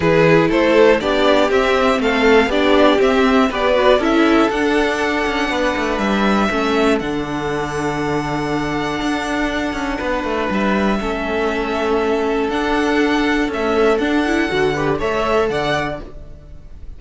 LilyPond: <<
  \new Staff \with { instrumentName = "violin" } { \time 4/4 \tempo 4 = 120 b'4 c''4 d''4 e''4 | f''4 d''4 e''4 d''4 | e''4 fis''2. | e''2 fis''2~ |
fis''1~ | fis''4 e''2.~ | e''4 fis''2 e''4 | fis''2 e''4 fis''4 | }
  \new Staff \with { instrumentName = "violin" } { \time 4/4 gis'4 a'4 g'2 | a'4 g'2 b'4 | a'2. b'4~ | b'4 a'2.~ |
a'1 | b'2 a'2~ | a'1~ | a'4. b'8 cis''4 d''4 | }
  \new Staff \with { instrumentName = "viola" } { \time 4/4 e'2 d'4 c'4~ | c'4 d'4 c'4 g'8 fis'8 | e'4 d'2.~ | d'4 cis'4 d'2~ |
d'1~ | d'2 cis'2~ | cis'4 d'2 a4 | d'8 e'8 fis'8 g'8 a'2 | }
  \new Staff \with { instrumentName = "cello" } { \time 4/4 e4 a4 b4 c'4 | a4 b4 c'4 b4 | cis'4 d'4. cis'8 b8 a8 | g4 a4 d2~ |
d2 d'4. cis'8 | b8 a8 g4 a2~ | a4 d'2 cis'4 | d'4 d4 a4 d4 | }
>>